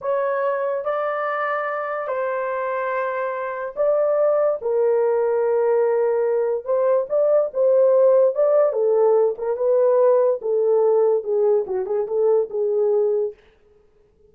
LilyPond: \new Staff \with { instrumentName = "horn" } { \time 4/4 \tempo 4 = 144 cis''2 d''2~ | d''4 c''2.~ | c''4 d''2 ais'4~ | ais'1 |
c''4 d''4 c''2 | d''4 a'4. ais'8 b'4~ | b'4 a'2 gis'4 | fis'8 gis'8 a'4 gis'2 | }